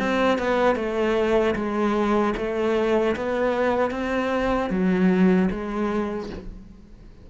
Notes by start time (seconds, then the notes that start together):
0.00 C4
0.39 B3
0.76 A3
1.55 G#3
2.37 A3
3.17 B3
3.91 C4
4.70 F#3
5.51 G#3